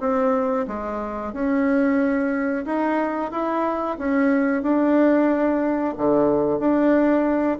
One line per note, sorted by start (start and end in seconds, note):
0.00 0.66 C4
0.67 1.33 G#3
1.33 2.65 C#4
2.65 3.31 D#4
3.31 3.97 E4
3.98 4.62 C#4
4.62 5.94 D4
5.97 6.59 D3
6.59 7.58 D4